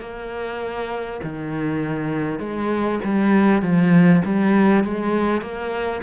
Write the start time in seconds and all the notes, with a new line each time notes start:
0.00 A#3
1.23 D#3
2.39 G#3
3.04 G3
3.62 F3
4.25 G3
4.84 G#3
5.42 A#3